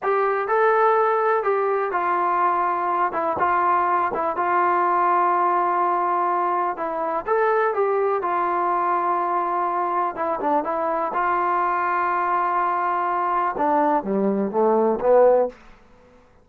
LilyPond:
\new Staff \with { instrumentName = "trombone" } { \time 4/4 \tempo 4 = 124 g'4 a'2 g'4 | f'2~ f'8 e'8 f'4~ | f'8 e'8 f'2.~ | f'2 e'4 a'4 |
g'4 f'2.~ | f'4 e'8 d'8 e'4 f'4~ | f'1 | d'4 g4 a4 b4 | }